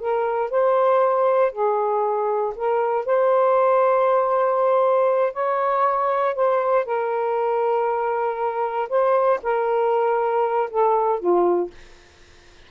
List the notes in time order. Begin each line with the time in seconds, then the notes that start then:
0.00 A#4
0.51 C5
1.52 G#4
2.56 A#4
3.06 C5
5.34 C#5
6.36 C5
6.86 A#4
8.90 C5
9.43 A#4
10.71 A4
11.20 F4